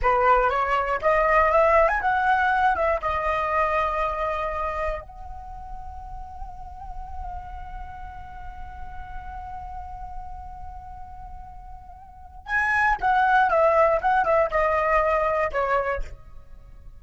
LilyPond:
\new Staff \with { instrumentName = "flute" } { \time 4/4 \tempo 4 = 120 b'4 cis''4 dis''4 e''8. gis''16 | fis''4. e''8 dis''2~ | dis''2 fis''2~ | fis''1~ |
fis''1~ | fis''1~ | fis''4 gis''4 fis''4 e''4 | fis''8 e''8 dis''2 cis''4 | }